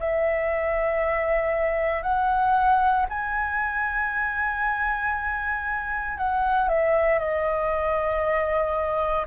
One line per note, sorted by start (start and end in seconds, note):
0.00 2.03 E5
2.03 3.06 F#5
3.09 6.18 G#5
6.18 6.69 F#5
6.69 7.19 E5
7.19 9.26 D#5